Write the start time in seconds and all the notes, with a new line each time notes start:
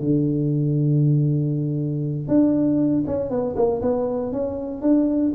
0.00 D3
2.28 D4
3.07 C#4
3.30 B3
3.56 A#3
3.82 B3
4.32 C#4
4.81 D4